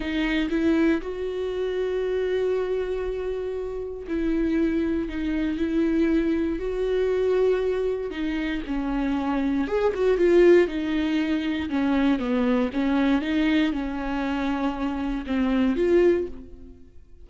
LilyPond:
\new Staff \with { instrumentName = "viola" } { \time 4/4 \tempo 4 = 118 dis'4 e'4 fis'2~ | fis'1 | e'2 dis'4 e'4~ | e'4 fis'2. |
dis'4 cis'2 gis'8 fis'8 | f'4 dis'2 cis'4 | b4 cis'4 dis'4 cis'4~ | cis'2 c'4 f'4 | }